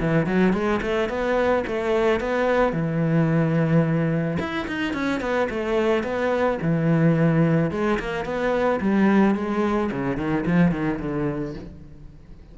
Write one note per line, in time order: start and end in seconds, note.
0.00 0.26 E3
0.26 0.53 F#3
0.53 0.80 G#3
0.82 1.09 A3
1.09 1.64 B3
1.67 2.20 A3
2.20 2.72 B3
2.72 4.38 E3
4.39 4.67 E4
4.67 4.93 D#4
4.93 5.20 C#4
5.20 5.48 B3
5.50 6.03 A3
6.03 6.58 B3
6.62 7.71 E3
7.71 7.98 G#3
7.99 8.25 A#3
8.25 8.80 B3
8.80 9.35 G3
9.35 9.90 G#3
9.91 10.17 C#3
10.17 10.44 D#3
10.46 10.71 F3
10.71 10.99 D#3
10.99 11.54 D3